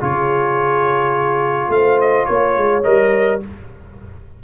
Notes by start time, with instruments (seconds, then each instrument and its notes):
0.00 tuba C#3, trombone F4, horn G#4, trumpet C#5
1.69 tuba A3, horn C5, trumpet F5
2.01 trumpet D#5
2.25 tuba A#3, trumpet C#5, horn C#5
2.57 tuba G#3
2.83 tuba G3, trombone A#4, trumpet D#5